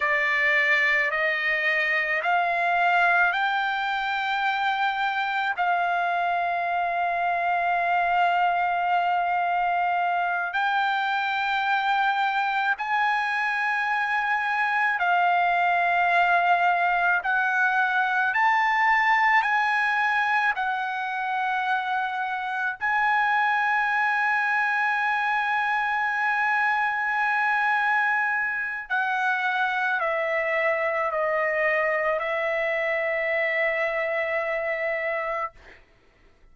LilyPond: \new Staff \with { instrumentName = "trumpet" } { \time 4/4 \tempo 4 = 54 d''4 dis''4 f''4 g''4~ | g''4 f''2.~ | f''4. g''2 gis''8~ | gis''4. f''2 fis''8~ |
fis''8 a''4 gis''4 fis''4.~ | fis''8 gis''2.~ gis''8~ | gis''2 fis''4 e''4 | dis''4 e''2. | }